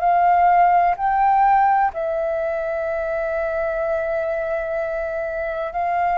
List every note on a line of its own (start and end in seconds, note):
0.00 0.95 F5
0.97 1.93 G5
1.94 5.73 E5
5.73 6.19 F5